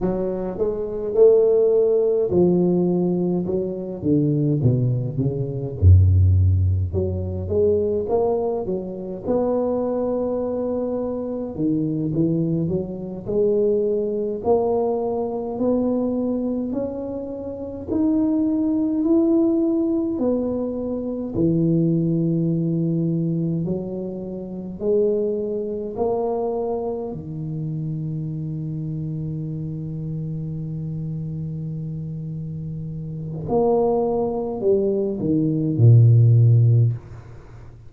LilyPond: \new Staff \with { instrumentName = "tuba" } { \time 4/4 \tempo 4 = 52 fis8 gis8 a4 f4 fis8 d8 | b,8 cis8 fis,4 fis8 gis8 ais8 fis8 | b2 dis8 e8 fis8 gis8~ | gis8 ais4 b4 cis'4 dis'8~ |
dis'8 e'4 b4 e4.~ | e8 fis4 gis4 ais4 dis8~ | dis1~ | dis4 ais4 g8 dis8 ais,4 | }